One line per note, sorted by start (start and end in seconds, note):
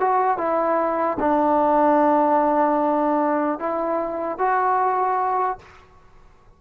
0.00 0.38 F#4
0.38 1.18 E4
1.20 3.59 D4
3.59 4.39 E4
4.39 5.59 F#4